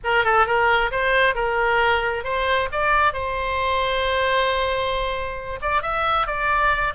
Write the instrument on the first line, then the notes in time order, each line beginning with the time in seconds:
oboe
0.04 A#4
0.24 A4
0.46 A#4
0.91 C5
1.34 A#4
2.24 C5
2.72 D5
3.13 C5
5.61 D5
5.81 E5
6.26 D5